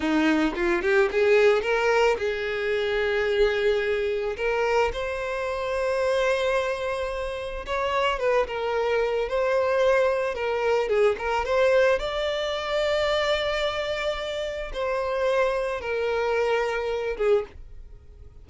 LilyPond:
\new Staff \with { instrumentName = "violin" } { \time 4/4 \tempo 4 = 110 dis'4 f'8 g'8 gis'4 ais'4 | gis'1 | ais'4 c''2.~ | c''2 cis''4 b'8 ais'8~ |
ais'4 c''2 ais'4 | gis'8 ais'8 c''4 d''2~ | d''2. c''4~ | c''4 ais'2~ ais'8 gis'8 | }